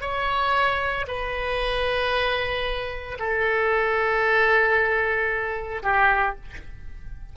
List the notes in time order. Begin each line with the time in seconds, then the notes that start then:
0.00 C#5
1.07 B4
3.19 A4
5.82 G4